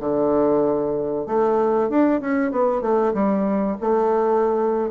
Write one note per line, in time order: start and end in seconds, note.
0.00 1.26 D3
1.27 1.90 A3
1.90 2.21 D4
2.21 2.52 C#4
2.52 2.82 B3
2.82 3.13 A3
3.14 3.77 G3
3.81 4.91 A3